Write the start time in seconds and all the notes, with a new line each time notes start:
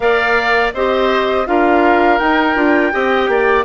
0.00 A#3 A#4 D5 F5
0.73 C4 G4 C5 D#5
1.46 D4 F4 A#4 F5
2.18 D#4 G5
2.55 D4 F4
2.91 C4 G4 D#5
3.28 A#3 D5